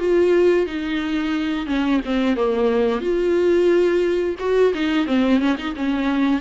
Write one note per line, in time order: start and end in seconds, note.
0.00 0.66 F4
0.66 1.67 D#4
1.67 2.01 C#4
2.05 2.37 C4
2.37 3.01 A#3
3.01 4.36 F4
4.40 4.73 F#4
4.75 5.07 D#4
5.07 5.40 C4
5.40 5.57 C#4
5.59 5.75 D#4
5.76 6.41 C#4